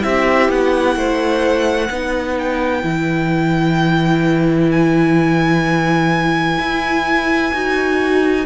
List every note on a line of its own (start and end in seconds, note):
0.00 0.49 C4
0.00 1.88 E4
0.00 0.98 G4
0.00 0.50 E5
0.49 0.96 B3
0.49 2.38 F#5
0.96 1.89 A3
0.96 1.90 C5
1.90 2.83 B3
1.90 2.82 D#4
1.90 8.45 B4
2.38 4.71 G5
2.82 6.58 E3
2.82 7.51 E4
4.71 8.45 G#5
6.59 7.52 E4
7.53 8.45 D#4
7.53 8.45 F#4